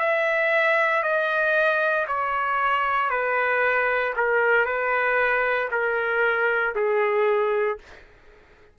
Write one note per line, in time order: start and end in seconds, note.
0.00 1.03 E5
1.03 2.06 D#5
2.08 3.11 C#5
3.11 4.14 B4
4.17 4.66 A#4
4.66 5.69 B4
5.72 6.75 A#4
6.76 7.79 G#4